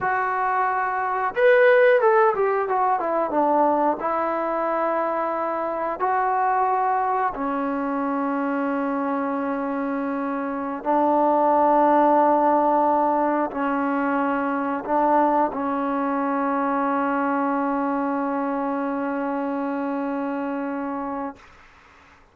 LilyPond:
\new Staff \with { instrumentName = "trombone" } { \time 4/4 \tempo 4 = 90 fis'2 b'4 a'8 g'8 | fis'8 e'8 d'4 e'2~ | e'4 fis'2 cis'4~ | cis'1~ |
cis'16 d'2.~ d'8.~ | d'16 cis'2 d'4 cis'8.~ | cis'1~ | cis'1 | }